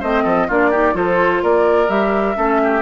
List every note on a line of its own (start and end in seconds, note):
0.00 0.25 A3
0.00 0.49 C4
0.00 0.23 C5
0.00 0.49 D#5
0.23 0.48 F3
0.23 0.47 A4
0.47 0.94 A#3
0.47 0.72 D4
0.47 0.70 F4
0.47 0.96 D5
0.70 0.93 D#4
0.70 0.94 G4
0.93 1.41 F3
0.93 1.88 F4
0.93 1.43 A4
0.93 1.43 C5
1.43 1.89 A#3
1.43 2.37 A#4
1.43 1.89 D5
1.88 2.36 G3
1.88 2.35 G4
1.88 2.82 E5
2.35 2.82 A3
2.35 2.82 C#4
2.35 2.60 A4
2.63 2.82 G4